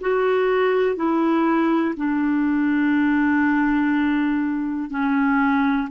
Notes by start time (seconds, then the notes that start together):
0.00 F#4
0.96 E4
1.96 D4
4.90 C#4